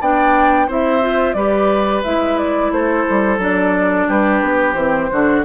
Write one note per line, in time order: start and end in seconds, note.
0.00 0.68 B3
0.00 0.68 D4
0.00 0.67 D5
0.00 0.69 G5
0.67 1.34 C4
0.67 1.01 E4
0.67 1.35 C5
0.67 1.33 E5
1.01 1.35 F4
1.33 2.02 G3
1.33 2.04 G4
1.33 2.72 B4
1.33 2.01 D5
2.04 2.71 G#3
2.04 3.39 E4
2.04 2.38 E5
2.38 2.72 D5
2.71 3.06 A3
2.71 4.08 A4
2.71 3.40 C5
3.10 3.38 G3
3.38 4.06 F#3
3.38 4.75 D4
3.38 4.10 D5
4.08 4.41 G3
4.08 5.10 G4
4.08 4.73 B4
4.41 4.74 B3
4.73 5.08 E3
4.73 5.11 C4
4.73 5.41 C5
5.11 5.45 D3
5.11 5.45 D4
5.11 5.45 F#4